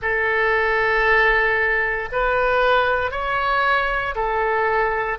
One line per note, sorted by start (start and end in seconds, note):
0.02 2.09 A4
2.12 3.11 B4
3.11 4.14 C#5
4.15 5.18 A4